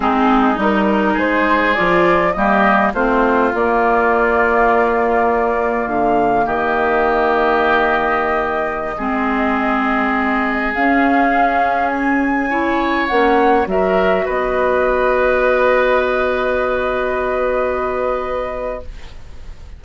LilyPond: <<
  \new Staff \with { instrumentName = "flute" } { \time 4/4 \tempo 4 = 102 gis'4 ais'4 c''4 d''4 | dis''4 c''4 d''2~ | d''2 f''4 dis''4~ | dis''1~ |
dis''2~ dis''16 f''4.~ f''16~ | f''16 gis''2 fis''4 e''8.~ | e''16 dis''2.~ dis''8.~ | dis''1 | }
  \new Staff \with { instrumentName = "oboe" } { \time 4/4 dis'2 gis'2 | g'4 f'2.~ | f'2. g'4~ | g'2.~ g'16 gis'8.~ |
gis'1~ | gis'4~ gis'16 cis''2 ais'8.~ | ais'16 b'2.~ b'8.~ | b'1 | }
  \new Staff \with { instrumentName = "clarinet" } { \time 4/4 c'4 dis'2 f'4 | ais4 c'4 ais2~ | ais1~ | ais2.~ ais16 c'8.~ |
c'2~ c'16 cis'4.~ cis'16~ | cis'4~ cis'16 e'4 cis'4 fis'8.~ | fis'1~ | fis'1 | }
  \new Staff \with { instrumentName = "bassoon" } { \time 4/4 gis4 g4 gis4 f4 | g4 a4 ais2~ | ais2 d4 dis4~ | dis2.~ dis16 gis8.~ |
gis2~ gis16 cis'4.~ cis'16~ | cis'2~ cis'16 ais4 fis8.~ | fis16 b2.~ b8.~ | b1 | }
>>